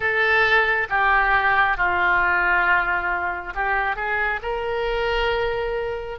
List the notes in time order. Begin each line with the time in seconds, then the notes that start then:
0.00 A4
0.89 G4
1.77 F4
3.55 G4
3.95 G#4
4.42 A#4